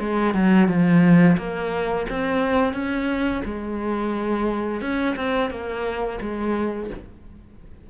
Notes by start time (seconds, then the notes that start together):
0.00 G#3
0.34 F#3
0.68 F3
1.38 A#3
2.10 C4
2.73 C#4
3.45 G#3
4.82 C#4
5.16 C4
5.51 A#3
6.21 G#3